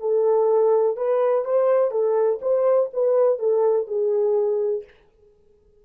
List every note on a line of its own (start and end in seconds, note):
0.00 0.96 A4
0.96 1.44 B4
1.44 1.91 C5
1.91 2.39 A4
2.41 2.90 C5
2.93 3.39 B4
3.39 3.87 A4
3.87 4.84 G#4